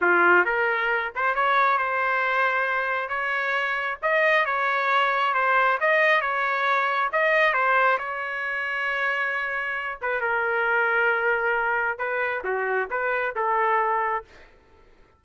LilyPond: \new Staff \with { instrumentName = "trumpet" } { \time 4/4 \tempo 4 = 135 f'4 ais'4. c''8 cis''4 | c''2. cis''4~ | cis''4 dis''4 cis''2 | c''4 dis''4 cis''2 |
dis''4 c''4 cis''2~ | cis''2~ cis''8 b'8 ais'4~ | ais'2. b'4 | fis'4 b'4 a'2 | }